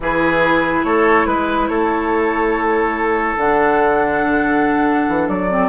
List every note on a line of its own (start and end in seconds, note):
0.00 0.83 E3
0.00 3.38 E4
0.00 0.86 G#4
0.00 0.84 B4
0.84 1.26 A3
0.84 1.27 A4
0.84 1.25 C#5
1.25 1.68 G#3
1.25 1.67 B4
1.25 1.69 B4
1.67 3.36 A3
1.67 5.69 A4
1.67 3.36 C#5
3.36 5.05 D3
3.36 5.50 D4
3.36 5.29 F#5
5.08 5.28 E3
5.28 5.69 F#3
5.28 5.69 D5
5.50 5.69 C4